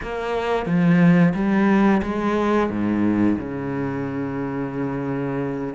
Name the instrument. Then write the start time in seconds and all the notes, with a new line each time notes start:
cello
0.02 A#3
0.66 F3
1.34 G3
2.02 G#3
2.70 G#2
3.38 C#3